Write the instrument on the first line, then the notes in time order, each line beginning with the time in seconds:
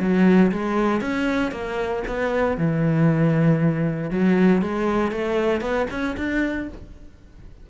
cello
0.00 F#3
0.52 G#3
1.01 C#4
1.52 A#3
2.07 B3
2.58 E3
4.10 F#3
4.62 G#3
5.11 A3
5.61 B3
5.91 C#4
6.17 D4